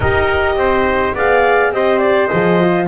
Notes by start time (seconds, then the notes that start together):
0.00 D#4 G4 A#4 D#5
0.55 C4 C5
1.13 B3 G#4 D5 F5
1.71 C4 G4 C5 D#5
1.99 D5
2.26 G#4 D#5
2.33 F3
2.60 F4